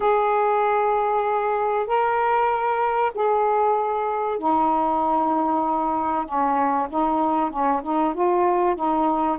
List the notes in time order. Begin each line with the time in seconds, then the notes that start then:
0.00 G#4
1.86 A#4
3.14 G#4
4.38 D#4
6.25 C#4
6.89 D#4
7.50 C#4
7.83 D#4
8.14 F4
8.75 D#4